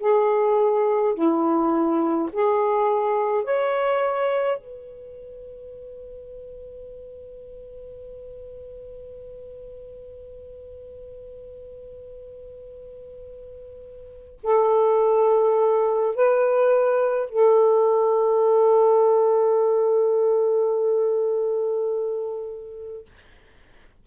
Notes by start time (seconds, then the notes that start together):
0.00 G#4
1.14 E4
2.33 G#4
3.44 C#5
4.58 B4
14.43 A4
16.15 B4
17.30 A4